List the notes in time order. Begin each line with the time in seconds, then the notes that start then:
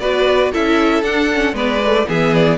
0.00 B3 F#4 B4 D5
0.52 C#4 E4 A4 E5
1.03 D4 F#5
1.34 C#4
1.53 G#3 B3 B4 D5
1.85 A3
2.07 E3 B3 G#4 E5
2.35 D5